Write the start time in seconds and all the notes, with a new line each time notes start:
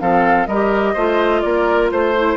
0.00 F3 C4 A4 F5
0.47 G3 G4 A#4 D#5
0.93 A3 F4 C5
1.42 A#3 A#4 D5
1.91 A3 C5
2.16 E4